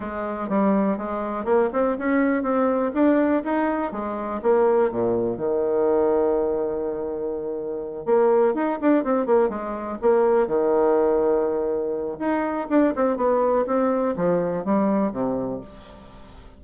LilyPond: \new Staff \with { instrumentName = "bassoon" } { \time 4/4 \tempo 4 = 123 gis4 g4 gis4 ais8 c'8 | cis'4 c'4 d'4 dis'4 | gis4 ais4 ais,4 dis4~ | dis1~ |
dis8 ais4 dis'8 d'8 c'8 ais8 gis8~ | gis8 ais4 dis2~ dis8~ | dis4 dis'4 d'8 c'8 b4 | c'4 f4 g4 c4 | }